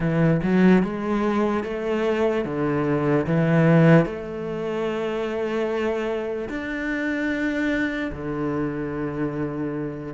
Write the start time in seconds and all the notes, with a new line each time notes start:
0.00 E3
0.42 F#3
0.82 G#3
1.63 A3
2.45 D3
3.26 E3
4.05 A3
6.49 D4
8.12 D3